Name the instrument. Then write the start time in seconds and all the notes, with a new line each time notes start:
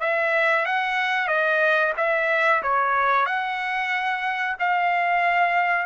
trumpet
0.00 E5
0.65 F#5
1.28 D#5
1.97 E5
2.62 C#5
3.25 F#5
4.59 F5